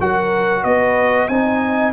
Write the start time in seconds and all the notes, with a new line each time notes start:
0.00 F#3 F#4 A#4 F#5
0.63 B3 B4 D#5
1.28 C4 D#4 D#5 G#5